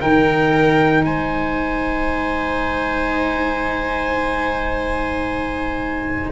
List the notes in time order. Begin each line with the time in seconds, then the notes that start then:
0.00 D#3 D#4 A#4 G5
1.04 G#3 C5 G#5